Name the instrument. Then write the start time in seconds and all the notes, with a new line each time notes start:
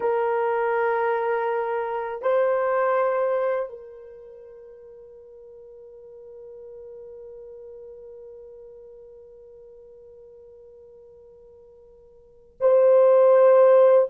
horn
0.00 A#4
2.22 C5
3.69 A#4
12.60 C5